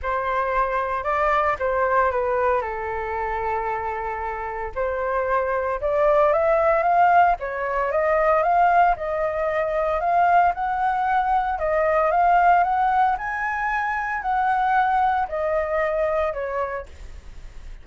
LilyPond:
\new Staff \with { instrumentName = "flute" } { \time 4/4 \tempo 4 = 114 c''2 d''4 c''4 | b'4 a'2.~ | a'4 c''2 d''4 | e''4 f''4 cis''4 dis''4 |
f''4 dis''2 f''4 | fis''2 dis''4 f''4 | fis''4 gis''2 fis''4~ | fis''4 dis''2 cis''4 | }